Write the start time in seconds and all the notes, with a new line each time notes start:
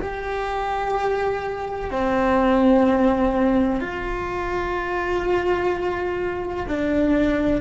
0.00 G4
1.90 C4
3.80 F4
6.68 D4